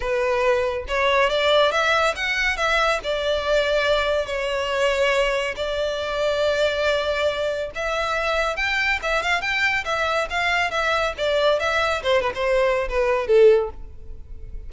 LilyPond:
\new Staff \with { instrumentName = "violin" } { \time 4/4 \tempo 4 = 140 b'2 cis''4 d''4 | e''4 fis''4 e''4 d''4~ | d''2 cis''2~ | cis''4 d''2.~ |
d''2 e''2 | g''4 e''8 f''8 g''4 e''4 | f''4 e''4 d''4 e''4 | c''8 b'16 c''4~ c''16 b'4 a'4 | }